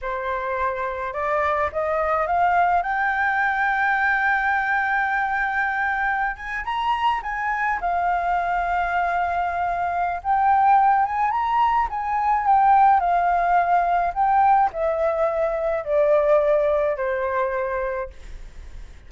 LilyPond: \new Staff \with { instrumentName = "flute" } { \time 4/4 \tempo 4 = 106 c''2 d''4 dis''4 | f''4 g''2.~ | g''2.~ g''16 gis''8 ais''16~ | ais''8. gis''4 f''2~ f''16~ |
f''2 g''4. gis''8 | ais''4 gis''4 g''4 f''4~ | f''4 g''4 e''2 | d''2 c''2 | }